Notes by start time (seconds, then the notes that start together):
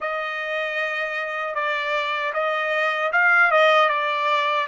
0.00 D#5
1.54 D5
2.33 D#5
3.12 F5
3.51 D#5
3.89 D5